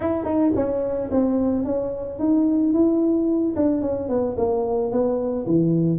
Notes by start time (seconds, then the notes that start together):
0.00 E4
0.24 D#4
0.55 C#4
1.11 C4
1.64 C#4
2.19 D#4
2.73 E4
3.56 D4
3.81 C#4
4.08 B3
4.37 A#3
4.91 B3
5.46 E3